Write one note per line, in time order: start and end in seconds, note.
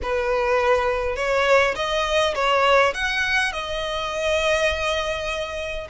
0.02 1.16 B4
1.16 1.75 C#5
1.75 2.34 D#5
2.34 2.93 C#5
2.94 3.52 F#5
3.52 5.87 D#5